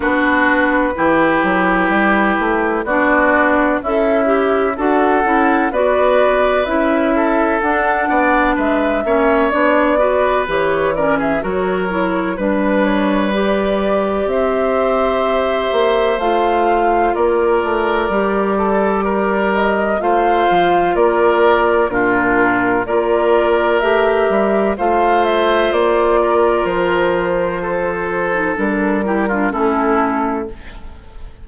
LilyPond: <<
  \new Staff \with { instrumentName = "flute" } { \time 4/4 \tempo 4 = 63 b'2. d''4 | e''4 fis''4 d''4 e''4 | fis''4 e''4 d''4 cis''8 d''16 e''16 | cis''4 b'8 cis''8 d''4 e''4~ |
e''4 f''4 d''2~ | d''8 dis''8 f''4 d''4 ais'4 | d''4 e''4 f''8 e''8 d''4 | c''2 ais'4 a'4 | }
  \new Staff \with { instrumentName = "oboe" } { \time 4/4 fis'4 g'2 fis'4 | e'4 a'4 b'4. a'8~ | a'8 d''8 b'8 cis''4 b'4 ais'16 gis'16 | ais'4 b'2 c''4~ |
c''2 ais'4. a'8 | ais'4 c''4 ais'4 f'4 | ais'2 c''4. ais'8~ | ais'4 a'4. g'16 f'16 e'4 | }
  \new Staff \with { instrumentName = "clarinet" } { \time 4/4 d'4 e'2 d'4 | a'8 g'8 fis'8 e'8 fis'4 e'4 | d'4. cis'8 d'8 fis'8 g'8 cis'8 | fis'8 e'8 d'4 g'2~ |
g'4 f'2 g'4~ | g'4 f'2 d'4 | f'4 g'4 f'2~ | f'4.~ f'16 dis'16 d'8 e'16 d'16 cis'4 | }
  \new Staff \with { instrumentName = "bassoon" } { \time 4/4 b4 e8 fis8 g8 a8 b4 | cis'4 d'8 cis'8 b4 cis'4 | d'8 b8 gis8 ais8 b4 e4 | fis4 g2 c'4~ |
c'8 ais8 a4 ais8 a8 g4~ | g4 a8 f8 ais4 ais,4 | ais4 a8 g8 a4 ais4 | f2 g4 a4 | }
>>